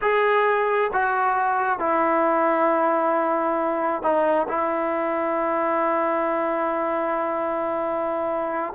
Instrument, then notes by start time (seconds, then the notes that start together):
trombone
0.01 G#4
0.93 F#4
1.79 E4
4.02 D#4
4.48 E4